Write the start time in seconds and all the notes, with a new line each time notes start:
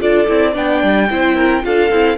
0.00 D4 F4 A4 D5
0.28 C4 E4
0.53 B3 D4 D5 G5
0.83 G3
1.10 C4 E4 C5
1.36 A#4
1.63 D4 F4 A4 F5
1.91 C4 E4